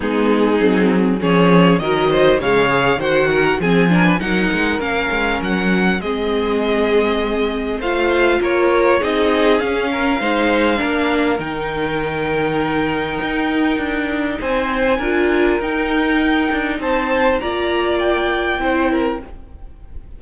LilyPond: <<
  \new Staff \with { instrumentName = "violin" } { \time 4/4 \tempo 4 = 100 gis'2 cis''4 dis''4 | f''4 fis''4 gis''4 fis''4 | f''4 fis''4 dis''2~ | dis''4 f''4 cis''4 dis''4 |
f''2. g''4~ | g''1 | gis''2 g''2 | a''4 ais''4 g''2 | }
  \new Staff \with { instrumentName = "violin" } { \time 4/4 dis'2 gis'4 ais'8 c''8 | cis''4 c''8 ais'8 gis'8 ais'16 b'16 ais'4~ | ais'2 gis'2~ | gis'4 c''4 ais'4 gis'4~ |
gis'8 ais'8 c''4 ais'2~ | ais'1 | c''4 ais'2. | c''4 d''2 c''8 ais'8 | }
  \new Staff \with { instrumentName = "viola" } { \time 4/4 b4 c'4 cis'4 fis4 | gis8 gis'8 fis'4 c'8 d'8 dis'4 | cis'2 c'2~ | c'4 f'2 dis'4 |
cis'4 dis'4 d'4 dis'4~ | dis'1~ | dis'4 f'4 dis'2~ | dis'4 f'2 e'4 | }
  \new Staff \with { instrumentName = "cello" } { \time 4/4 gis4 fis4 f4 dis4 | cis4 dis4 f4 fis8 gis8 | ais8 gis8 fis4 gis2~ | gis4 a4 ais4 c'4 |
cis'4 gis4 ais4 dis4~ | dis2 dis'4 d'4 | c'4 d'4 dis'4. d'8 | c'4 ais2 c'4 | }
>>